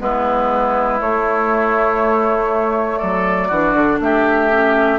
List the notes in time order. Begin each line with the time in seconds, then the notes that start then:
0.00 G#3 B3 E4 B4
1.01 A3 C#5
2.98 F#3 A4 D5
3.48 E3 D4 F#4
3.73 D3
4.00 A3 G4 E5
4.51 C#4